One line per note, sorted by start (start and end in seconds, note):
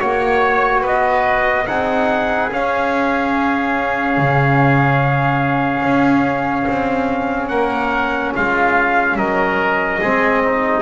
0.00 0.83 A#3
0.00 1.66 F#4
0.00 0.81 C#5
0.00 0.83 C#5
0.81 1.66 B3
0.81 1.64 B4
0.81 1.67 D#5
1.66 2.51 C4
1.66 2.50 D#4
1.66 7.50 G#4
1.66 2.50 F#5
2.50 10.00 C#4
2.50 4.18 C#4
2.50 7.48 F5
4.18 5.83 C#3
5.83 6.66 C#4
6.67 7.50 C4
7.48 8.33 A#3
7.48 8.33 A#4
7.48 8.32 F#5
8.34 9.16 G#3
8.34 9.17 F4
8.34 9.17 F5
9.16 10.00 F#3
9.16 10.00 A#4
9.16 10.82 D#5
10.00 10.82 G#3
10.00 10.82 C4
10.00 10.42 G#4
10.44 10.82 D#4